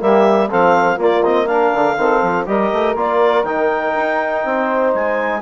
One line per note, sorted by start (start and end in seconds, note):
0.00 0.51 G3
0.00 0.49 A#3
0.00 0.48 G4
0.00 0.51 E5
0.48 0.98 F3
0.48 0.98 C4
0.48 0.96 A4
0.48 1.00 F5
0.96 1.71 A#3
0.96 1.23 A#3
0.96 1.45 F4
0.96 1.24 D5
1.24 1.48 C4
1.24 1.47 D#5
1.47 1.97 D4
1.47 1.98 A#4
1.47 2.46 F5
1.75 1.98 D3
1.98 2.22 D#3
1.98 2.47 C4
1.98 2.48 A4
2.23 2.47 F3
2.47 2.72 G3
2.47 2.96 G4
2.47 4.45 A#4
2.47 2.96 D#5
2.73 2.95 A3
2.95 3.44 A#3
2.95 3.45 F4
2.95 3.45 D5
3.44 3.93 D#3
3.44 5.42 D#4
3.44 4.92 G5
3.96 4.45 D#4
4.45 4.94 C4
4.45 5.42 C5
4.95 5.42 G#3
4.95 5.42 G#5